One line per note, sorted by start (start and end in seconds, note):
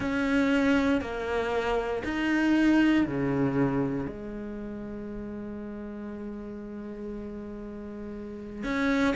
0.00 1.01 C#4
1.01 2.02 A#3
2.04 3.06 D#4
3.06 4.06 C#3
4.06 8.63 G#3
8.63 9.14 C#4